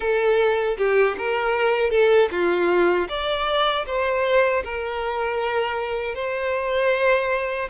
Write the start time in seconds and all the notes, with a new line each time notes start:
0.00 A4
0.77 G4
1.17 A#4
1.90 A4
2.31 F4
3.08 D5
3.86 C5
4.64 A#4
6.15 C5